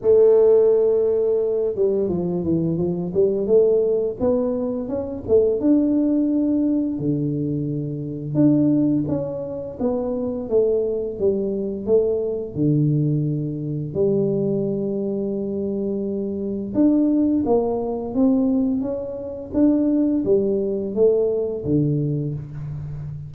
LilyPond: \new Staff \with { instrumentName = "tuba" } { \time 4/4 \tempo 4 = 86 a2~ a8 g8 f8 e8 | f8 g8 a4 b4 cis'8 a8 | d'2 d2 | d'4 cis'4 b4 a4 |
g4 a4 d2 | g1 | d'4 ais4 c'4 cis'4 | d'4 g4 a4 d4 | }